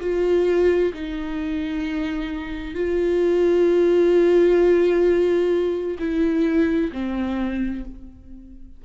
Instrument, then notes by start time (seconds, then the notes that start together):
viola
0.00 F4
0.93 D#4
2.74 F4
5.98 E4
6.92 C4